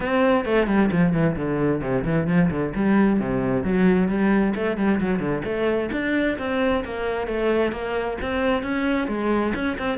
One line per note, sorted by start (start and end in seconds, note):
0.00 0.45 C4
0.45 0.67 A3
0.67 0.89 G3
0.91 1.12 F3
1.12 1.35 E3
1.36 1.81 D3
1.81 2.04 C3
2.04 2.27 E3
2.27 2.50 F3
2.50 2.73 D3
2.75 3.20 G3
3.20 3.63 C3
3.63 4.08 F#3
4.08 4.53 G3
4.55 4.77 A3
4.77 5.00 G3
5.00 5.19 F#3
5.19 5.42 D3
5.44 5.89 A3
5.92 6.37 D4
6.38 6.84 C4
6.84 7.27 A#3
7.27 7.72 A3
7.72 8.17 A#3
8.21 8.62 C4
8.62 9.07 C#4
9.07 9.53 G#3
9.54 9.77 C#4
9.78 9.98 C4